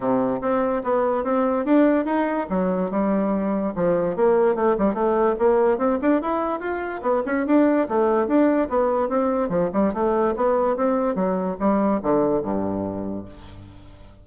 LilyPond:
\new Staff \with { instrumentName = "bassoon" } { \time 4/4 \tempo 4 = 145 c4 c'4 b4 c'4 | d'4 dis'4 fis4 g4~ | g4 f4 ais4 a8 g8 | a4 ais4 c'8 d'8 e'4 |
f'4 b8 cis'8 d'4 a4 | d'4 b4 c'4 f8 g8 | a4 b4 c'4 fis4 | g4 d4 g,2 | }